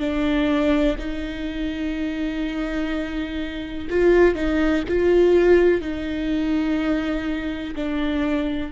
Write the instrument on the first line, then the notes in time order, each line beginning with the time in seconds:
viola
0.00 D4
0.99 D#4
3.90 F4
4.35 D#4
4.89 F4
5.81 D#4
7.76 D4